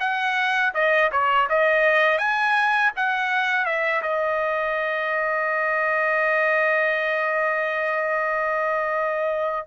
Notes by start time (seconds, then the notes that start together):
0.00 F#5
0.74 D#5
1.12 C#5
1.49 D#5
2.18 G#5
2.96 F#5
3.66 E5
4.02 D#5